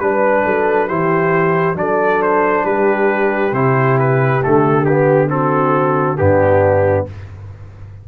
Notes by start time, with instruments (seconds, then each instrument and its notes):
0.00 tuba G3, trombone D4, trumpet B4, horn B4
0.46 tuba F#3, horn A4
0.88 tuba E3, trombone E4, horn G4, trumpet C5
1.75 tuba F#3, trombone D4, horn A4, trumpet D5
2.23 trumpet C5
2.65 tuba G3, horn G4, trumpet B4
3.52 tuba C3, trombone E4, trumpet C5
3.99 trumpet B4
4.42 tuba D3, trombone A3, trumpet A4
4.85 trombone B3, trumpet G4
5.29 trombone C4, horn F#4, trumpet A4
6.18 tuba G2, trombone B3, horn D4, trumpet G4